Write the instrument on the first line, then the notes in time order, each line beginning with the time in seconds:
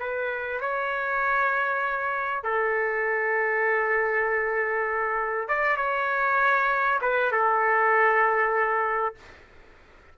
trumpet
0.00 B4
0.61 C#5
2.43 A4
5.48 D5
5.77 C#5
7.02 B4
7.32 A4